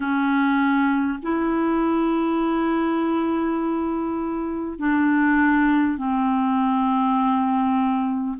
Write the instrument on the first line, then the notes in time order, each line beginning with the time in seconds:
clarinet
0.00 C#4
1.22 E4
4.78 D4
5.97 C4